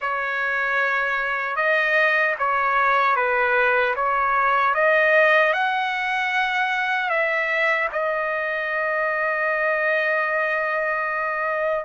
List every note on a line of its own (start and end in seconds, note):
0.01 1.56 C#5
1.56 2.35 D#5
2.38 3.16 C#5
3.16 3.95 B4
3.95 4.74 C#5
4.74 5.53 D#5
5.53 7.09 F#5
7.09 7.88 E5
7.92 11.85 D#5